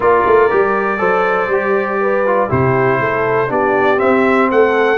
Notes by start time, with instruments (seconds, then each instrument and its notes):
0.00 tuba A#3, trombone F4, horn A#4, trumpet D5
0.26 tuba A3
0.50 tuba G3, trombone G4
0.97 tuba F#3, trombone A4, horn C5
1.47 tuba G3, trombone G4
2.00 horn B4
2.25 trombone F4
2.48 tuba C3, trombone E4, horn G4, trumpet C5
3.00 tuba A3, horn A4
3.48 tuba B3, trombone D4, horn G4, trumpet D5
3.97 trombone C4, tuba C4, trumpet E5
4.51 tuba A3, horn A4, trumpet F#5